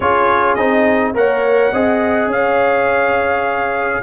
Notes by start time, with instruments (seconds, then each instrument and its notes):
0.00 tuba C#4, trombone F4, horn G#4, trumpet C#5
0.54 tuba C4, trombone D#4, trumpet D#5
1.14 tuba A#3, trombone A#4, horn C#5, trumpet F#5
1.72 tuba C4, trombone G#4, horn D#5
2.26 tuba C#4, trumpet F5
2.33 horn C#5